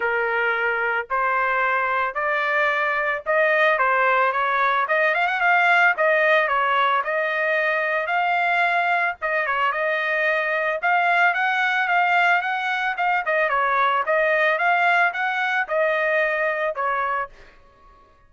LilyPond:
\new Staff \with { instrumentName = "trumpet" } { \time 4/4 \tempo 4 = 111 ais'2 c''2 | d''2 dis''4 c''4 | cis''4 dis''8 f''16 fis''16 f''4 dis''4 | cis''4 dis''2 f''4~ |
f''4 dis''8 cis''8 dis''2 | f''4 fis''4 f''4 fis''4 | f''8 dis''8 cis''4 dis''4 f''4 | fis''4 dis''2 cis''4 | }